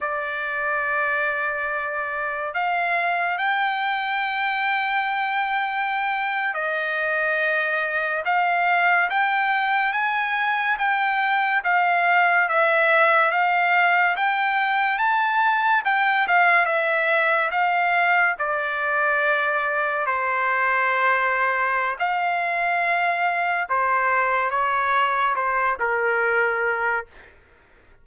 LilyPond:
\new Staff \with { instrumentName = "trumpet" } { \time 4/4 \tempo 4 = 71 d''2. f''4 | g''2.~ g''8. dis''16~ | dis''4.~ dis''16 f''4 g''4 gis''16~ | gis''8. g''4 f''4 e''4 f''16~ |
f''8. g''4 a''4 g''8 f''8 e''16~ | e''8. f''4 d''2 c''16~ | c''2 f''2 | c''4 cis''4 c''8 ais'4. | }